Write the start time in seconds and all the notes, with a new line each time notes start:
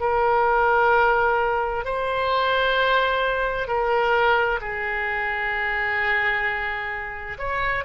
0.00 A#4
1.85 C5
3.68 A#4
4.61 G#4
7.38 C#5